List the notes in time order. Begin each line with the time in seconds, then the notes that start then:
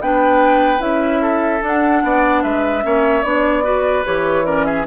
0.00 B3 D4 B4 G5
0.78 C#4 E4 E5
1.22 A4
1.62 D4 F#5
2.03 B3 D5
2.43 G#3 B4 E5
2.82 A#3 C#4 C#5
3.23 B3 D4 D5
3.63 F#4 B4
4.04 E3 G4 C#5
4.45 C#4 A#4 D5
4.65 G#4 E5